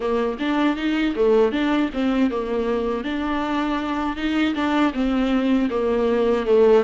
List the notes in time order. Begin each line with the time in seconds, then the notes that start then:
0.00 A#3
0.39 D4
0.76 D#4
1.15 A3
1.52 D4
1.93 C4
2.30 A#3
3.04 D4
4.16 D#4
4.54 D4
4.93 C4
5.70 A#3
6.46 A3